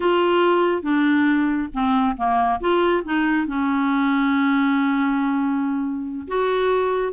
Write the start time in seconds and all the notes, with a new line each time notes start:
0.00 F4
0.82 D4
1.73 C4
2.16 A#3
2.60 F4
3.04 D#4
3.46 C#4
6.27 F#4